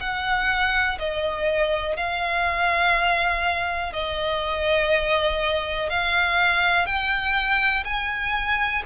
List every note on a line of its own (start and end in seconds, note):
0.00 0.98 F#5
0.99 1.96 D#5
1.96 3.93 F5
3.93 5.90 D#5
5.90 6.86 F5
6.86 7.84 G5
7.84 8.83 G#5